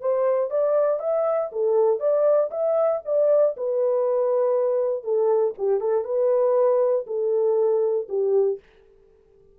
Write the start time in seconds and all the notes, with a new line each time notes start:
0.00 C5
0.50 D5
0.99 E5
1.52 A4
2.00 D5
2.50 E5
3.05 D5
3.57 B4
5.03 A4
5.58 G4
5.80 A4
6.04 B4
7.07 A4
8.09 G4